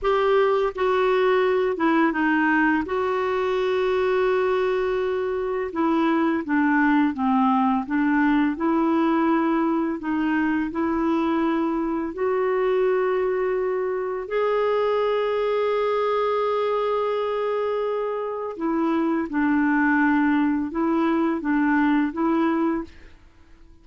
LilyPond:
\new Staff \with { instrumentName = "clarinet" } { \time 4/4 \tempo 4 = 84 g'4 fis'4. e'8 dis'4 | fis'1 | e'4 d'4 c'4 d'4 | e'2 dis'4 e'4~ |
e'4 fis'2. | gis'1~ | gis'2 e'4 d'4~ | d'4 e'4 d'4 e'4 | }